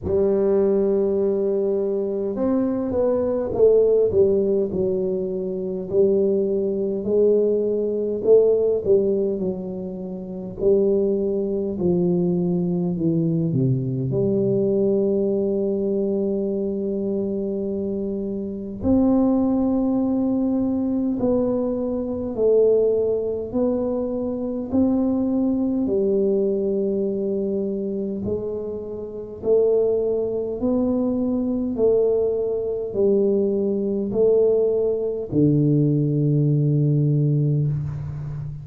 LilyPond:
\new Staff \with { instrumentName = "tuba" } { \time 4/4 \tempo 4 = 51 g2 c'8 b8 a8 g8 | fis4 g4 gis4 a8 g8 | fis4 g4 f4 e8 c8 | g1 |
c'2 b4 a4 | b4 c'4 g2 | gis4 a4 b4 a4 | g4 a4 d2 | }